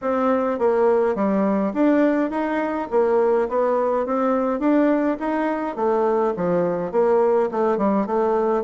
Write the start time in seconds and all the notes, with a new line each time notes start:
0.01 C4
0.58 A#3
1.15 G3
1.73 D4
2.30 D#4
2.91 A#3
3.48 B3
4.05 C4
4.59 D4
5.19 D#4
5.76 A3
6.36 F3
6.91 A#3
7.51 A3
7.77 G3
8.06 A3